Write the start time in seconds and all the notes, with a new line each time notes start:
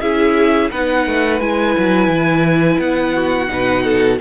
0.00 C#4 E4 G#4 E5
0.70 B3 D#4 B4 F#5
1.06 A3
1.40 G#3 E4 G#5
1.78 F#3
2.07 E3
2.78 B3 F#5
3.14 F#4
3.47 B2 D#4 B4
3.83 A4